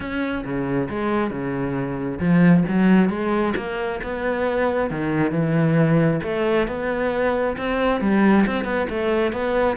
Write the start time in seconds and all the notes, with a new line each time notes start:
0.00 C#4
0.44 C#3
0.89 G#3
1.30 C#3
2.19 F3
2.68 F#3
3.09 G#3
3.56 A#3
4.03 B3
4.90 D#3
5.31 E3
6.23 A3
6.67 B3
7.57 C4
8.00 G3
8.46 C4
8.64 B3
8.89 A3
9.32 B3